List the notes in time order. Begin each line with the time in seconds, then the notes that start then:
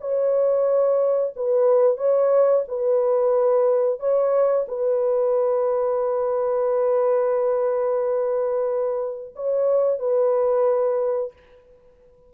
0.00 C#5
1.35 B4
1.97 C#5
2.68 B4
3.99 C#5
4.68 B4
9.35 C#5
9.99 B4